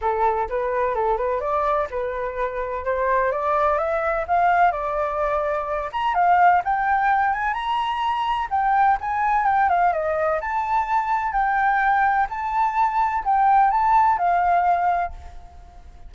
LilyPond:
\new Staff \with { instrumentName = "flute" } { \time 4/4 \tempo 4 = 127 a'4 b'4 a'8 b'8 d''4 | b'2 c''4 d''4 | e''4 f''4 d''2~ | d''8 ais''8 f''4 g''4. gis''8 |
ais''2 g''4 gis''4 | g''8 f''8 dis''4 a''2 | g''2 a''2 | g''4 a''4 f''2 | }